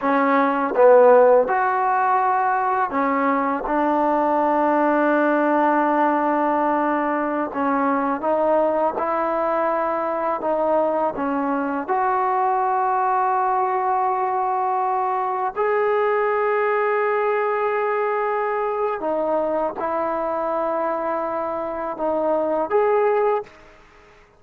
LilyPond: \new Staff \with { instrumentName = "trombone" } { \time 4/4 \tempo 4 = 82 cis'4 b4 fis'2 | cis'4 d'2.~ | d'2~ d'16 cis'4 dis'8.~ | dis'16 e'2 dis'4 cis'8.~ |
cis'16 fis'2.~ fis'8.~ | fis'4~ fis'16 gis'2~ gis'8.~ | gis'2 dis'4 e'4~ | e'2 dis'4 gis'4 | }